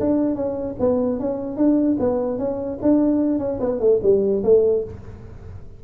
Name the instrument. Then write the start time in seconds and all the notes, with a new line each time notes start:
tuba
0.00 D4
0.35 C#4
0.79 B3
1.20 C#4
1.57 D4
2.00 B3
2.38 C#4
2.82 D4
3.39 C#4
3.60 B3
3.80 A3
4.03 G3
4.43 A3